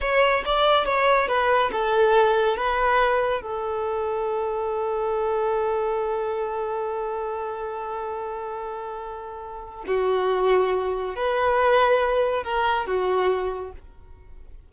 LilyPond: \new Staff \with { instrumentName = "violin" } { \time 4/4 \tempo 4 = 140 cis''4 d''4 cis''4 b'4 | a'2 b'2 | a'1~ | a'1~ |
a'1~ | a'2. fis'4~ | fis'2 b'2~ | b'4 ais'4 fis'2 | }